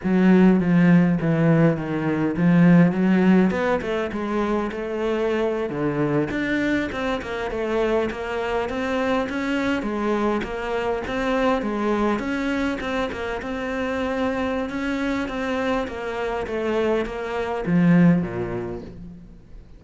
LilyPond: \new Staff \with { instrumentName = "cello" } { \time 4/4 \tempo 4 = 102 fis4 f4 e4 dis4 | f4 fis4 b8 a8 gis4 | a4.~ a16 d4 d'4 c'16~ | c'16 ais8 a4 ais4 c'4 cis'16~ |
cis'8. gis4 ais4 c'4 gis16~ | gis8. cis'4 c'8 ais8 c'4~ c'16~ | c'4 cis'4 c'4 ais4 | a4 ais4 f4 ais,4 | }